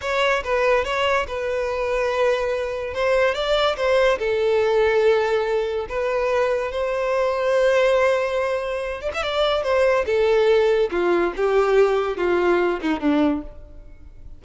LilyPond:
\new Staff \with { instrumentName = "violin" } { \time 4/4 \tempo 4 = 143 cis''4 b'4 cis''4 b'4~ | b'2. c''4 | d''4 c''4 a'2~ | a'2 b'2 |
c''1~ | c''4. d''16 e''16 d''4 c''4 | a'2 f'4 g'4~ | g'4 f'4. dis'8 d'4 | }